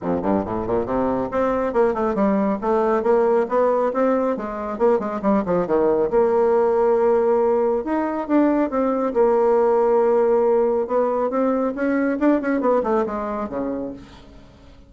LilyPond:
\new Staff \with { instrumentName = "bassoon" } { \time 4/4 \tempo 4 = 138 f,8 g,8 a,8 ais,8 c4 c'4 | ais8 a8 g4 a4 ais4 | b4 c'4 gis4 ais8 gis8 | g8 f8 dis4 ais2~ |
ais2 dis'4 d'4 | c'4 ais2.~ | ais4 b4 c'4 cis'4 | d'8 cis'8 b8 a8 gis4 cis4 | }